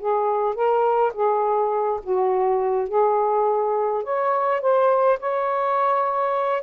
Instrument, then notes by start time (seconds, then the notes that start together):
saxophone
0.00 G#4
0.55 A#4
1.14 G#4
2.04 F#4
2.89 G#4
4.04 C#5
4.62 C5
5.20 C#5